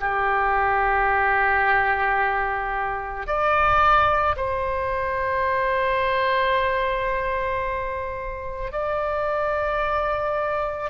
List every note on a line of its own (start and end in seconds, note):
0.00 3.27 G4
3.27 4.36 D5
4.36 8.72 C5
8.72 10.90 D5